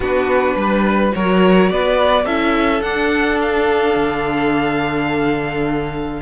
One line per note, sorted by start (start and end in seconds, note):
0.00 0.55 B3
0.00 1.11 D4
0.00 0.56 F#4
0.00 1.14 B4
0.55 1.12 G3
0.55 1.14 B4
1.11 1.70 F#3
1.11 2.24 F#4
1.11 1.71 A#4
1.11 1.69 C#5
1.69 2.25 B3
1.69 2.24 B4
1.69 2.25 D5
2.24 2.81 C#4
2.24 2.82 E4
2.24 6.20 A4
2.24 2.82 E5
2.81 3.94 D4
2.81 6.22 D4
2.81 3.38 F#5
3.41 6.22 F5
3.95 6.21 D3